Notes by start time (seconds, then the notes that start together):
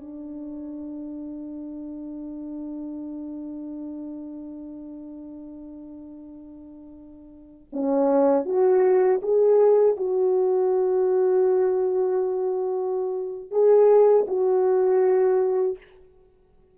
0.00 D4
7.73 C#4
8.45 F#4
9.22 G#4
9.96 F#4
13.51 G#4
14.27 F#4